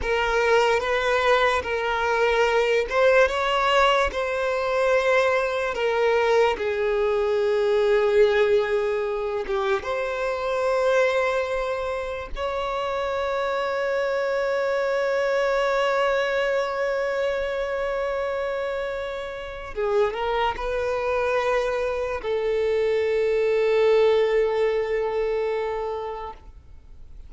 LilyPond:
\new Staff \with { instrumentName = "violin" } { \time 4/4 \tempo 4 = 73 ais'4 b'4 ais'4. c''8 | cis''4 c''2 ais'4 | gis'2.~ gis'8 g'8 | c''2. cis''4~ |
cis''1~ | cis''1 | gis'8 ais'8 b'2 a'4~ | a'1 | }